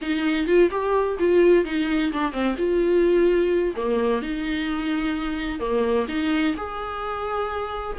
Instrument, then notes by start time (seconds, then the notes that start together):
viola
0.01 D#4
0.46 F4
0.71 G4
1.19 F4
1.64 D#4
2.12 D4
2.32 C4
2.57 F4
3.75 A#3
4.21 D#4
5.59 A#3
6.08 D#4
6.56 G#4